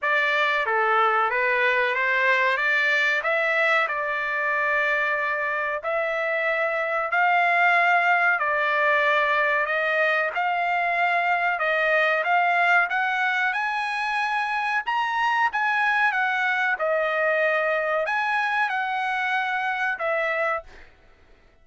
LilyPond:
\new Staff \with { instrumentName = "trumpet" } { \time 4/4 \tempo 4 = 93 d''4 a'4 b'4 c''4 | d''4 e''4 d''2~ | d''4 e''2 f''4~ | f''4 d''2 dis''4 |
f''2 dis''4 f''4 | fis''4 gis''2 ais''4 | gis''4 fis''4 dis''2 | gis''4 fis''2 e''4 | }